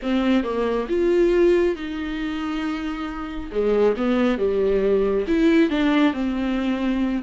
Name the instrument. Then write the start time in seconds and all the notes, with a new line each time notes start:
viola
0.02 C4
0.43 A#3
0.89 F4
1.75 D#4
3.51 G#3
3.96 B3
4.38 G3
5.27 E4
5.70 D4
6.13 C4